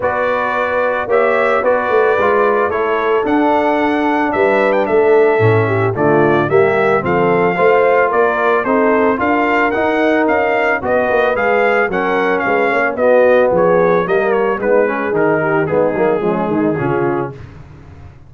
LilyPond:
<<
  \new Staff \with { instrumentName = "trumpet" } { \time 4/4 \tempo 4 = 111 d''2 e''4 d''4~ | d''4 cis''4 fis''2 | e''8. g''16 e''2 d''4 | e''4 f''2 d''4 |
c''4 f''4 fis''4 f''4 | dis''4 f''4 fis''4 f''4 | dis''4 cis''4 dis''8 cis''8 b'4 | ais'4 gis'2. | }
  \new Staff \with { instrumentName = "horn" } { \time 4/4 b'2 cis''4 b'4~ | b'4 a'2. | b'4 a'4. g'8 f'4 | g'4 a'4 c''4 ais'4 |
a'4 ais'2. | b'2 ais'4 b'8 cis''8 | fis'4 gis'4 ais'4 dis'8 gis'8~ | gis'8 g'8 dis'4 cis'8 dis'8 f'4 | }
  \new Staff \with { instrumentName = "trombone" } { \time 4/4 fis'2 g'4 fis'4 | f'4 e'4 d'2~ | d'2 cis'4 a4 | ais4 c'4 f'2 |
dis'4 f'4 dis'2 | fis'4 gis'4 cis'2 | b2 ais4 b8 cis'8 | dis'4 b8 ais8 gis4 cis'4 | }
  \new Staff \with { instrumentName = "tuba" } { \time 4/4 b2 ais4 b8 a8 | gis4 a4 d'2 | g4 a4 a,4 d4 | g4 f4 a4 ais4 |
c'4 d'4 dis'4 cis'4 | b8 ais8 gis4 fis4 gis8 ais8 | b4 f4 g4 gis4 | dis4 gis8 fis8 f8 dis8 cis4 | }
>>